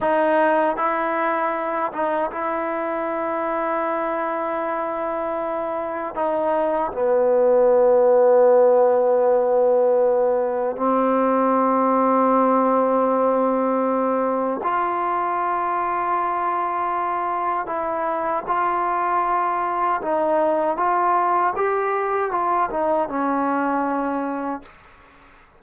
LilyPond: \new Staff \with { instrumentName = "trombone" } { \time 4/4 \tempo 4 = 78 dis'4 e'4. dis'8 e'4~ | e'1 | dis'4 b2.~ | b2 c'2~ |
c'2. f'4~ | f'2. e'4 | f'2 dis'4 f'4 | g'4 f'8 dis'8 cis'2 | }